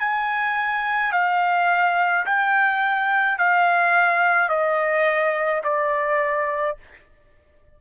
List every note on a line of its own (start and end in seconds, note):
0.00 1.12 G#5
1.12 2.25 F5
2.26 3.39 G5
3.39 4.49 F5
4.49 5.62 D#5
5.64 6.77 D5